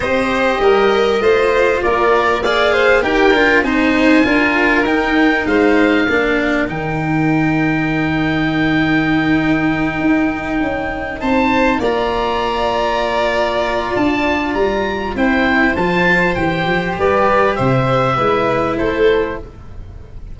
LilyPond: <<
  \new Staff \with { instrumentName = "oboe" } { \time 4/4 \tempo 4 = 99 dis''2. d''4 | f''4 g''4 gis''2 | g''4 f''2 g''4~ | g''1~ |
g''2~ g''8 a''4 ais''8~ | ais''2. a''4 | ais''4 g''4 a''4 g''4 | d''4 e''2 c''4 | }
  \new Staff \with { instrumentName = "violin" } { \time 4/4 c''4 ais'4 c''4 ais'4 | d''8 c''8 ais'4 c''4 ais'4~ | ais'4 c''4 ais'2~ | ais'1~ |
ais'2~ ais'8 c''4 d''8~ | d''1~ | d''4 c''2. | b'4 c''4 b'4 a'4 | }
  \new Staff \with { instrumentName = "cello" } { \time 4/4 g'2 f'2 | gis'4 g'8 f'8 dis'4 f'4 | dis'2 d'4 dis'4~ | dis'1~ |
dis'2.~ dis'8 f'8~ | f'1~ | f'4 e'4 f'4 g'4~ | g'2 e'2 | }
  \new Staff \with { instrumentName = "tuba" } { \time 4/4 c'4 g4 a4 ais4~ | ais4 dis'8 d'8 c'4 d'4 | dis'4 gis4 ais4 dis4~ | dis1~ |
dis8 dis'4 cis'4 c'4 ais8~ | ais2. d'4 | g4 c'4 f4 e8 f8 | g4 c4 gis4 a4 | }
>>